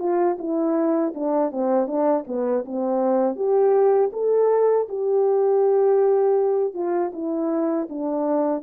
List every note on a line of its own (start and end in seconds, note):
0.00 0.38 F4
0.39 1.14 E4
1.15 1.52 D4
1.52 1.88 C4
1.88 2.25 D4
2.27 2.65 B3
2.66 3.36 C4
3.36 4.11 G4
4.13 4.88 A4
4.89 6.74 G4
6.74 7.12 F4
7.14 7.89 E4
7.90 8.63 D4